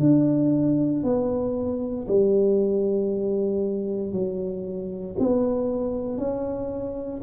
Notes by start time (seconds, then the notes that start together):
0.00 D4
1.03 B3
2.08 G3
4.12 F#3
5.19 B3
6.17 C#4